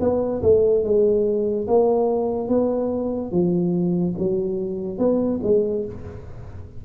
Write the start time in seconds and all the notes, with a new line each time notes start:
0.00 B3
0.42 A3
0.84 G#3
1.67 A#3
2.48 B3
3.31 F3
4.18 F#3
4.98 B3
5.43 G#3